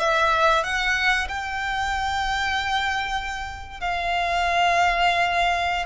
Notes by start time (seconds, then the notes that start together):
0.00 E5
0.64 F#5
1.29 G5
3.81 F5